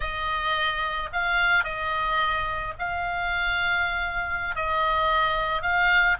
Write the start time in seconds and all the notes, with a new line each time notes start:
0.00 D#5
1.12 F5
1.64 D#5
2.78 F5
4.55 D#5
5.61 F5